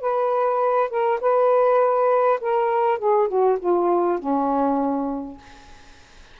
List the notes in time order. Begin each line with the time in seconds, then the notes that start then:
0.00 B4
0.89 A#4
1.20 B4
2.40 A#4
2.98 G#4
3.28 F#4
3.59 F4
4.19 C#4